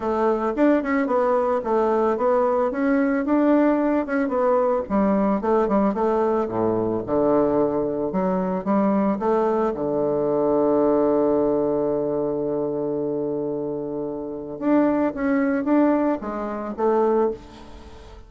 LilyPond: \new Staff \with { instrumentName = "bassoon" } { \time 4/4 \tempo 4 = 111 a4 d'8 cis'8 b4 a4 | b4 cis'4 d'4. cis'8 | b4 g4 a8 g8 a4 | a,4 d2 fis4 |
g4 a4 d2~ | d1~ | d2. d'4 | cis'4 d'4 gis4 a4 | }